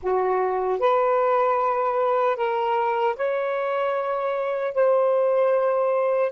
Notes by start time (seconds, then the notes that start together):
0.02 F#4
0.79 B4
2.36 A#4
3.16 C#5
4.74 C5